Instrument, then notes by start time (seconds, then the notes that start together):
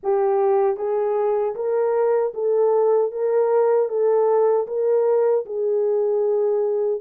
horn
0.03 G4
0.77 G#4
1.55 A#4
2.33 A4
3.11 A#4
3.89 A4
4.67 A#4
5.45 G#4